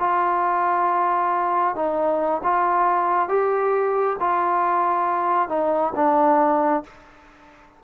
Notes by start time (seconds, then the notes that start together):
0.00 F4
1.76 D#4
2.44 F4
3.29 G4
4.20 F4
5.49 D#4
5.96 D4